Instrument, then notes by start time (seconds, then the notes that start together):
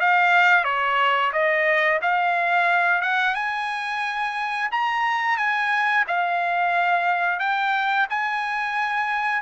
trumpet
0.00 F5
0.64 C#5
1.33 D#5
2.02 F5
3.02 F#5
3.35 G#5
4.72 A#5
5.37 G#5
6.07 F5
7.40 G5
8.10 G#5